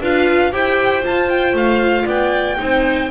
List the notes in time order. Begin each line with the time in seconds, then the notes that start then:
0.00 D4 F4 B4 F5
0.52 E4 G4 C5 G5
1.01 F4 A5
1.29 G5
1.53 A3 F5
2.04 B3 D5 G5
2.57 C4 D#4 C5